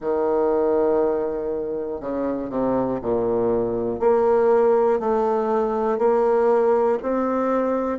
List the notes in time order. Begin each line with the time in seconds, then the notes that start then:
0.00 D#3
2.00 C#3
2.49 C3
3.01 A#2
3.99 A#3
5.00 A3
5.98 A#3
7.02 C4